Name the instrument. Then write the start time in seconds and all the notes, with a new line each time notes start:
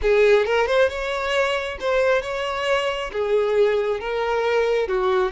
violin
0.02 G#4
0.45 A#4
0.67 C5
0.89 C#5
1.79 C5
2.22 C#5
3.12 G#4
3.99 A#4
4.88 F#4